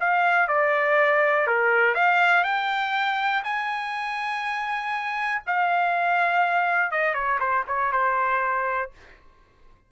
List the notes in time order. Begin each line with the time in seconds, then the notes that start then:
0.00 F5
0.48 D5
1.47 A#4
1.95 F5
2.44 G5
3.44 G#5
5.47 F5
6.91 D#5
7.14 C#5
7.40 C5
7.67 C#5
7.92 C5